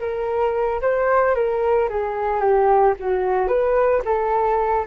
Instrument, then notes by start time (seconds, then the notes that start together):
flute
0.00 A#4
0.82 C5
1.35 A#4
1.90 G#4
2.40 G4
3.00 F#4
3.48 B4
4.05 A4